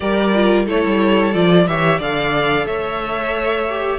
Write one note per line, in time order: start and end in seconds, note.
0.00 0.67 G3
0.00 0.33 G4
0.00 0.65 A#4
0.00 0.66 D5
0.34 0.66 F4
0.65 0.84 A3
0.65 1.33 E4
0.65 1.65 A4
0.65 1.34 C#5
0.85 1.34 G3
1.33 1.67 F3
1.33 1.66 F4
1.33 1.67 D5
1.67 1.99 E3
1.67 2.01 G4
1.67 1.98 C#5
1.67 2.00 E5
1.98 2.65 D3
1.98 3.69 A4
1.98 2.65 D5
1.98 2.66 F5
2.65 3.98 A3
2.65 3.98 C#5
2.65 3.98 E5
3.69 3.98 G4